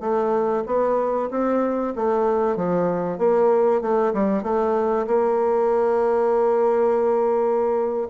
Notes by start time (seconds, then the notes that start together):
0.00 A3
0.66 B3
1.30 C4
1.96 A3
2.56 F3
3.18 A#3
3.81 A3
4.13 G3
4.43 A3
5.07 A#3